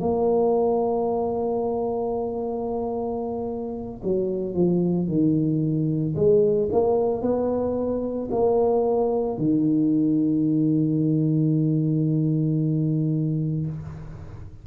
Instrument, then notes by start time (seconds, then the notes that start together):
tuba
0.00 A#3
4.04 F#3
4.54 F3
5.08 D#3
6.16 G#3
6.72 A#3
7.22 B3
8.31 A#3
9.37 D#3